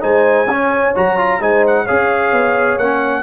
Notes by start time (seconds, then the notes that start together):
0.00 G#3 D#4 C5 G#5
0.46 C#4 C#5
0.95 F#3 F#4 A#5
1.17 F4
1.39 G#3 D#4 C5 G#5
1.67 F#5
1.84 C#4 G#4 C#5 F5
2.32 B3
2.77 A#3 C#4 F#5